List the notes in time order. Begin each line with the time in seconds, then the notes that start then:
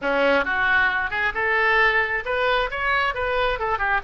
0.01 C#4
0.45 F#4
1.10 G#4
1.34 A4
2.25 B4
2.70 C#5
3.14 B4
3.59 A4
3.78 G4